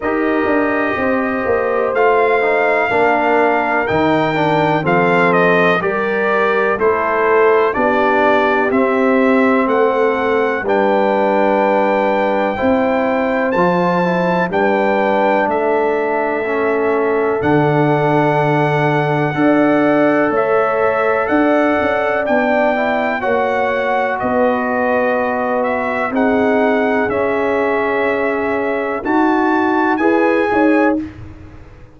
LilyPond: <<
  \new Staff \with { instrumentName = "trumpet" } { \time 4/4 \tempo 4 = 62 dis''2 f''2 | g''4 f''8 dis''8 d''4 c''4 | d''4 e''4 fis''4 g''4~ | g''2 a''4 g''4 |
e''2 fis''2~ | fis''4 e''4 fis''4 g''4 | fis''4 dis''4. e''8 fis''4 | e''2 a''4 gis''4 | }
  \new Staff \with { instrumentName = "horn" } { \time 4/4 ais'4 c''2 ais'4~ | ais'4 a'4 ais'4 a'4 | g'2 a'4 b'4~ | b'4 c''2 b'4 |
a'1 | d''4 cis''4 d''2 | cis''4 b'2 gis'4~ | gis'2 fis'4 b'8 cis''8 | }
  \new Staff \with { instrumentName = "trombone" } { \time 4/4 g'2 f'8 dis'8 d'4 | dis'8 d'8 c'4 g'4 e'4 | d'4 c'2 d'4~ | d'4 e'4 f'8 e'8 d'4~ |
d'4 cis'4 d'2 | a'2. d'8 e'8 | fis'2. dis'4 | cis'2 fis'4 gis'4 | }
  \new Staff \with { instrumentName = "tuba" } { \time 4/4 dis'8 d'8 c'8 ais8 a4 ais4 | dis4 f4 g4 a4 | b4 c'4 a4 g4~ | g4 c'4 f4 g4 |
a2 d2 | d'4 a4 d'8 cis'8 b4 | ais4 b2 c'4 | cis'2 dis'4 e'8 dis'8 | }
>>